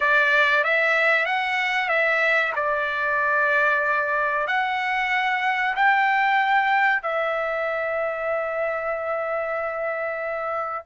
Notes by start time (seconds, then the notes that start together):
0.00 D5
0.64 E5
1.25 F#5
1.88 E5
2.55 D5
4.47 F#5
5.75 G5
7.02 E5